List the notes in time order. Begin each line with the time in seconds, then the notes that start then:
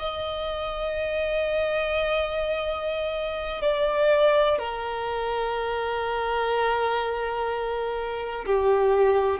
0.00 D#5
3.62 D5
4.59 A#4
8.46 G4